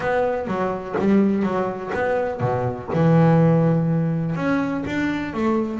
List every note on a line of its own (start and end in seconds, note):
0.00 0.47 B3
0.47 0.95 F#3
0.99 1.42 G3
1.42 1.91 F#3
1.94 2.40 B3
2.40 2.88 B2
2.93 4.35 E3
4.35 4.84 C#4
4.86 5.33 D4
5.33 5.79 A3